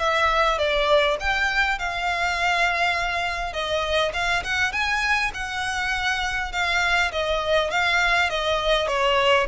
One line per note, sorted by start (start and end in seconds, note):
0.00 0.59 E5
0.59 1.18 D5
1.20 1.79 G5
1.79 3.53 F5
3.53 4.13 D#5
4.14 4.44 F5
4.44 4.73 F#5
4.73 5.32 G#5
5.34 6.53 F#5
6.53 7.12 F5
7.12 7.71 D#5
7.71 8.30 F5
8.30 8.88 D#5
8.88 9.48 C#5